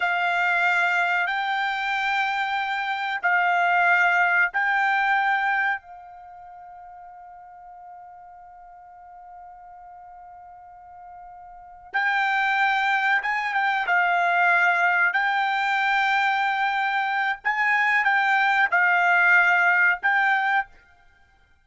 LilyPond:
\new Staff \with { instrumentName = "trumpet" } { \time 4/4 \tempo 4 = 93 f''2 g''2~ | g''4 f''2 g''4~ | g''4 f''2.~ | f''1~ |
f''2~ f''8 g''4.~ | g''8 gis''8 g''8 f''2 g''8~ | g''2. gis''4 | g''4 f''2 g''4 | }